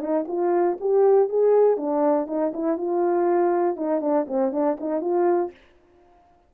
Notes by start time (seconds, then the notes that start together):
0.00 D#4
0.28 F4
0.80 G4
1.29 G#4
1.77 D4
2.27 D#4
2.53 E4
2.77 F4
3.76 D#4
4.01 D4
4.28 C4
4.52 D4
4.80 D#4
5.01 F4